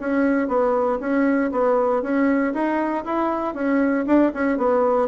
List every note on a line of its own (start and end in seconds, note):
0.00 0.48 C#4
0.48 0.99 B3
1.00 1.51 C#4
1.52 2.02 B3
2.02 2.53 C#4
2.54 3.04 D#4
3.05 3.54 E4
3.54 4.05 C#4
4.06 4.32 D4
4.34 4.58 C#4
4.58 5.08 B3